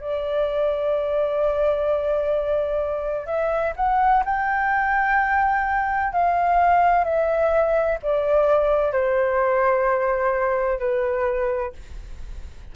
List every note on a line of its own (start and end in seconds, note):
0.00 3.26 D5
3.26 3.73 E5
3.76 4.23 F#5
4.25 6.12 G5
6.12 7.04 F5
7.04 7.98 E5
8.02 8.92 D5
8.92 10.79 C5
10.79 11.72 B4